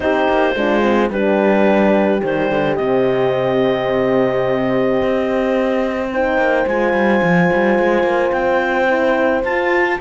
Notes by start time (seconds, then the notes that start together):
0.00 C4 D#4 G4 C5
0.29 A#3
0.55 G#3 D4 F4
0.81 C4
1.10 G3 D4 G4 B4
2.23 D#3 G3 C5
2.51 D3
2.75 C3 C4 D#5
5.02 C4
6.11 D#4 C5 G5
6.37 A#3
6.66 G#3 F4 G#5
6.93 G3
7.22 F3
7.53 G3
7.79 G#3
8.03 A#3
8.31 C4 G5
8.88 E4
9.43 F4 A5